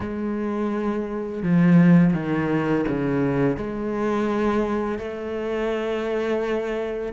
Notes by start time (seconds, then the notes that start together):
0.00 G#3
1.43 F3
2.13 D#3
2.88 C#3
3.56 G#3
4.98 A3